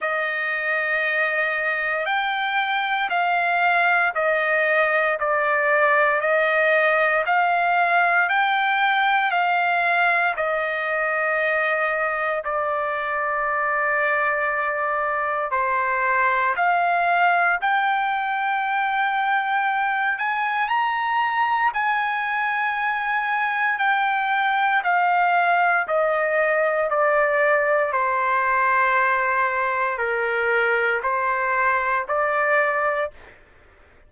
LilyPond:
\new Staff \with { instrumentName = "trumpet" } { \time 4/4 \tempo 4 = 58 dis''2 g''4 f''4 | dis''4 d''4 dis''4 f''4 | g''4 f''4 dis''2 | d''2. c''4 |
f''4 g''2~ g''8 gis''8 | ais''4 gis''2 g''4 | f''4 dis''4 d''4 c''4~ | c''4 ais'4 c''4 d''4 | }